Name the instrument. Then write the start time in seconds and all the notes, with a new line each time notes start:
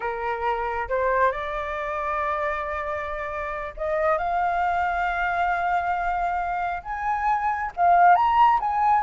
flute
0.00 A#4
0.88 C5
1.31 D5
3.76 D#5
4.18 F5
6.83 G#5
7.76 F5
8.15 A#5
8.60 G#5